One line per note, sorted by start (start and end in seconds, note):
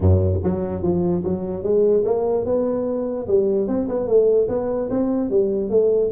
0.00 0.40 F#2
0.43 0.82 F#3
0.82 1.23 F3
1.24 1.63 F#3
1.63 2.04 G#3
2.04 2.45 A#3
2.45 3.27 B3
3.27 3.67 G3
3.67 3.88 C4
3.88 4.07 B3
4.07 4.48 A3
4.48 4.89 B3
4.89 5.30 C4
5.30 5.70 G3
5.70 6.11 A3